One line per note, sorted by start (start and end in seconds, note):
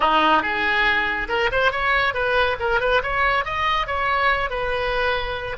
0.00 0.42 D#4
0.42 1.28 G#4
1.28 1.50 A#4
1.51 1.71 C5
1.71 2.14 C#5
2.14 2.57 B4
2.59 2.80 A#4
2.80 3.02 B4
3.03 3.44 C#5
3.44 3.86 D#5
3.86 4.50 C#5
4.50 5.57 B4